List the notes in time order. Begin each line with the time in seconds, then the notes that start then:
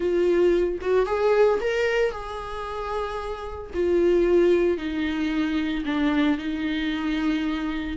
0.00 F4
0.81 F#4
1.06 G#4
1.60 A#4
2.11 G#4
3.74 F4
4.77 D#4
5.85 D4
6.37 D#4